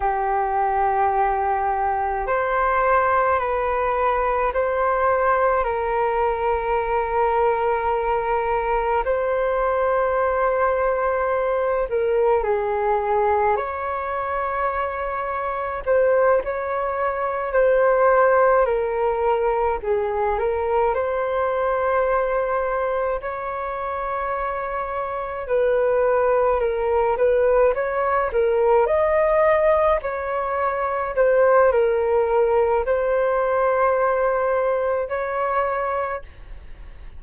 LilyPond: \new Staff \with { instrumentName = "flute" } { \time 4/4 \tempo 4 = 53 g'2 c''4 b'4 | c''4 ais'2. | c''2~ c''8 ais'8 gis'4 | cis''2 c''8 cis''4 c''8~ |
c''8 ais'4 gis'8 ais'8 c''4.~ | c''8 cis''2 b'4 ais'8 | b'8 cis''8 ais'8 dis''4 cis''4 c''8 | ais'4 c''2 cis''4 | }